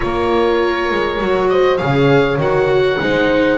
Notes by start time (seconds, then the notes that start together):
0.00 A#3 F4 A#4 C#5
0.90 G#3
1.20 F#3 F#4
1.49 C5 D#5
1.77 C#3 G#4 C#5 F5
2.37 D#3 F#4 F#5
2.99 G#3 D#4 C5